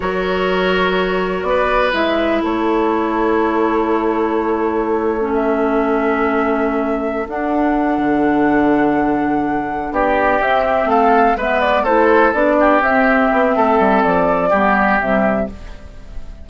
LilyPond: <<
  \new Staff \with { instrumentName = "flute" } { \time 4/4 \tempo 4 = 124 cis''2. d''4 | e''4 cis''2.~ | cis''2. e''4~ | e''2. fis''4~ |
fis''1~ | fis''8 d''4 e''4 f''4 e''8 | d''8 c''4 d''4 e''4.~ | e''4 d''2 e''4 | }
  \new Staff \with { instrumentName = "oboe" } { \time 4/4 ais'2. b'4~ | b'4 a'2.~ | a'1~ | a'1~ |
a'1~ | a'8 g'2 a'4 b'8~ | b'8 a'4. g'2 | a'2 g'2 | }
  \new Staff \with { instrumentName = "clarinet" } { \time 4/4 fis'1 | e'1~ | e'2~ e'8. cis'4~ cis'16~ | cis'2. d'4~ |
d'1~ | d'4. c'2 b8~ | b8 e'4 d'4 c'4.~ | c'2 b4 g4 | }
  \new Staff \with { instrumentName = "bassoon" } { \time 4/4 fis2. b4 | gis4 a2.~ | a1~ | a2. d'4~ |
d'8 d2.~ d8~ | d8 b4 c'4 a4 gis8~ | gis8 a4 b4 c'4 b8 | a8 g8 f4 g4 c4 | }
>>